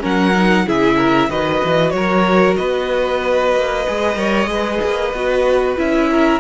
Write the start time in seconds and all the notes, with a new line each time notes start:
0.00 F#3 C#4 A#4 F#5
0.35 D#4
0.66 C#3 E4 G#4 E5
0.97 A#4
1.30 D#3 F#4 B4 D#5
1.64 E3
1.91 F#3 A#4 C#5
2.56 B3 B4 D#5
3.55 A#3
3.88 G#3 G#4
4.15 G3 A#4 C#5
4.47 G#3 G#4 B4
4.84 A#3
5.13 B3 F#4
5.77 C#4 E4 E5
6.11 A#4